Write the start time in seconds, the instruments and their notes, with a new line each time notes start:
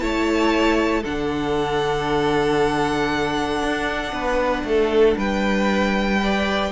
0.00 cello A3, viola E4, violin C#5 A5
1.02 cello D3, viola D4, violin A4 F#5
3.63 cello D4
4.12 cello B3, violin B4
4.64 cello A3, violin A4
5.17 cello G3, violin B4 G5
6.20 viola B4, violin D5